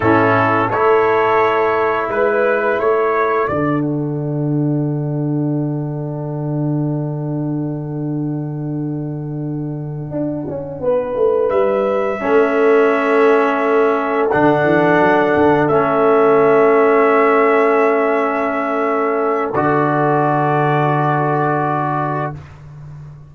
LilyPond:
<<
  \new Staff \with { instrumentName = "trumpet" } { \time 4/4 \tempo 4 = 86 a'4 cis''2 b'4 | cis''4 d''8 fis''2~ fis''8~ | fis''1~ | fis''1~ |
fis''8 e''2.~ e''8~ | e''8 fis''2 e''4.~ | e''1 | d''1 | }
  \new Staff \with { instrumentName = "horn" } { \time 4/4 e'4 a'2 b'4 | a'1~ | a'1~ | a'2.~ a'8 b'8~ |
b'4. a'2~ a'8~ | a'1~ | a'1~ | a'1 | }
  \new Staff \with { instrumentName = "trombone" } { \time 4/4 cis'4 e'2.~ | e'4 d'2.~ | d'1~ | d'1~ |
d'4. cis'2~ cis'8~ | cis'8 d'2 cis'4.~ | cis'1 | fis'1 | }
  \new Staff \with { instrumentName = "tuba" } { \time 4/4 a,4 a2 gis4 | a4 d2.~ | d1~ | d2~ d8 d'8 cis'8 b8 |
a8 g4 a2~ a8~ | a8 d8 e8 fis8 d8 a4.~ | a1 | d1 | }
>>